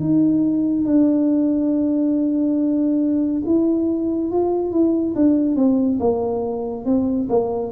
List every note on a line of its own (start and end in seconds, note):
0.00 0.85 D#4
0.85 3.42 D4
3.46 4.31 E4
4.31 4.71 F4
4.71 5.14 E4
5.15 5.56 D4
5.56 5.98 C4
6.00 6.85 A#3
6.85 7.28 C4
7.29 7.72 A#3